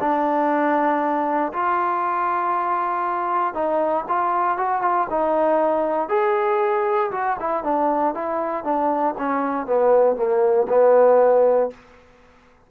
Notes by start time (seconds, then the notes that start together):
0.00 D4
1.53 F4
3.54 D#4
4.09 F4
4.58 F#4
4.82 F4
5.10 D#4
6.09 G#4
7.12 F#4
7.40 E4
7.64 D4
8.15 E4
8.64 D4
9.18 C#4
9.67 B3
10.16 A#3
10.69 B3